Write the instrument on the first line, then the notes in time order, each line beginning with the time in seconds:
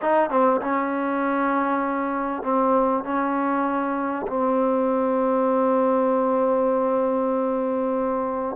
trombone
0.01 D#4
0.30 C4
0.61 C#4
2.42 C4
3.04 C#4
4.27 C4